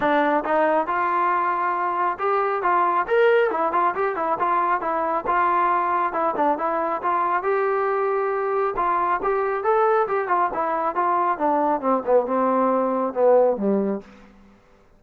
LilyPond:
\new Staff \with { instrumentName = "trombone" } { \time 4/4 \tempo 4 = 137 d'4 dis'4 f'2~ | f'4 g'4 f'4 ais'4 | e'8 f'8 g'8 e'8 f'4 e'4 | f'2 e'8 d'8 e'4 |
f'4 g'2. | f'4 g'4 a'4 g'8 f'8 | e'4 f'4 d'4 c'8 b8 | c'2 b4 g4 | }